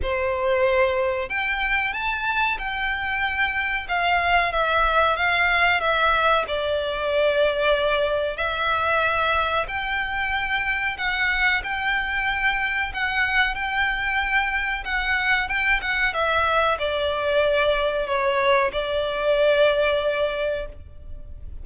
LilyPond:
\new Staff \with { instrumentName = "violin" } { \time 4/4 \tempo 4 = 93 c''2 g''4 a''4 | g''2 f''4 e''4 | f''4 e''4 d''2~ | d''4 e''2 g''4~ |
g''4 fis''4 g''2 | fis''4 g''2 fis''4 | g''8 fis''8 e''4 d''2 | cis''4 d''2. | }